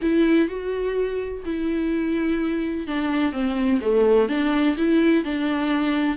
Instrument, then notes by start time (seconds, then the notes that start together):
viola
0.01 E4
0.48 F#4
1.45 E4
2.87 D4
3.32 C4
3.81 A3
4.29 D4
4.77 E4
5.24 D4